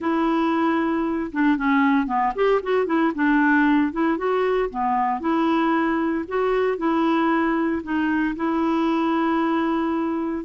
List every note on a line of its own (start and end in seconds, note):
0.00 1.31 E4
1.32 1.57 D4
1.57 2.06 C#4
2.06 2.32 B3
2.35 2.61 G4
2.62 2.86 F#4
2.86 3.12 E4
3.14 3.92 D4
3.92 4.17 E4
4.17 4.69 F#4
4.70 5.20 B3
5.20 6.24 E4
6.28 6.77 F#4
6.77 7.82 E4
7.83 8.35 D#4
8.35 10.44 E4